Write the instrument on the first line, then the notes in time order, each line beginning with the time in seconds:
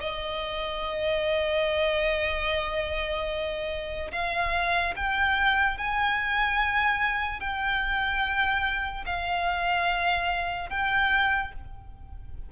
violin
0.00 D#5
4.11 F5
4.96 G5
5.77 G#5
7.40 G5
9.06 F5
10.69 G5